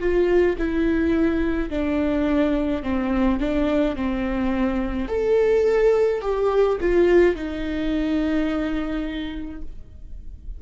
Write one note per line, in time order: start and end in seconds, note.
0.00 0.57 F4
0.59 1.70 E4
1.70 2.83 D4
2.83 3.40 C4
3.40 3.96 D4
3.96 5.08 C4
5.08 6.22 A4
6.22 6.78 G4
6.81 7.36 F4
7.36 9.62 D#4